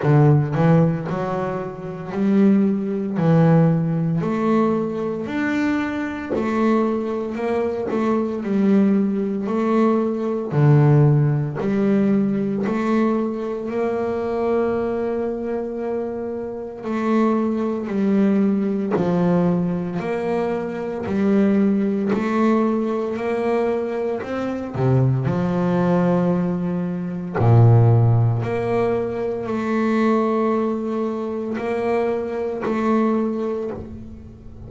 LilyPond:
\new Staff \with { instrumentName = "double bass" } { \time 4/4 \tempo 4 = 57 d8 e8 fis4 g4 e4 | a4 d'4 a4 ais8 a8 | g4 a4 d4 g4 | a4 ais2. |
a4 g4 f4 ais4 | g4 a4 ais4 c'8 c8 | f2 ais,4 ais4 | a2 ais4 a4 | }